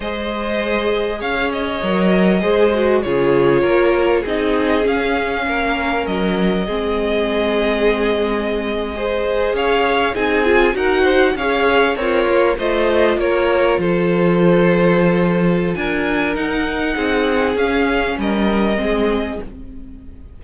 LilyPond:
<<
  \new Staff \with { instrumentName = "violin" } { \time 4/4 \tempo 4 = 99 dis''2 f''8 dis''4.~ | dis''4 cis''2 dis''4 | f''2 dis''2~ | dis''2.~ dis''8. f''16~ |
f''8. gis''4 fis''4 f''4 cis''16~ | cis''8. dis''4 cis''4 c''4~ c''16~ | c''2 gis''4 fis''4~ | fis''4 f''4 dis''2 | }
  \new Staff \with { instrumentName = "violin" } { \time 4/4 c''2 cis''2 | c''4 gis'4 ais'4 gis'4~ | gis'4 ais'2 gis'4~ | gis'2~ gis'8. c''4 cis''16~ |
cis''8. gis'4 ais'8 c''8 cis''4 f'16~ | f'8. c''4 ais'4 a'4~ a'16~ | a'2 ais'2 | gis'2 ais'4 gis'4 | }
  \new Staff \with { instrumentName = "viola" } { \time 4/4 gis'2. ais'4 | gis'8 fis'8 f'2 dis'4 | cis'2. c'4~ | c'2~ c'8. gis'4~ gis'16~ |
gis'8. dis'8 f'8 fis'4 gis'4 ais'16~ | ais'8. f'2.~ f'16~ | f'2. dis'4~ | dis'4 cis'2 c'4 | }
  \new Staff \with { instrumentName = "cello" } { \time 4/4 gis2 cis'4 fis4 | gis4 cis4 ais4 c'4 | cis'4 ais4 fis4 gis4~ | gis2.~ gis8. cis'16~ |
cis'8. c'4 dis'4 cis'4 c'16~ | c'16 ais8 a4 ais4 f4~ f16~ | f2 d'4 dis'4 | c'4 cis'4 g4 gis4 | }
>>